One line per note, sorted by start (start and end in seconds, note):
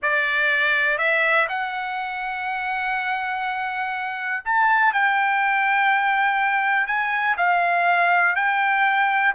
0.02 0.98 D5
0.98 1.47 E5
1.48 4.44 F#5
4.44 4.93 A5
4.93 6.87 G5
6.87 7.36 G#5
7.37 8.35 F5
8.35 9.34 G5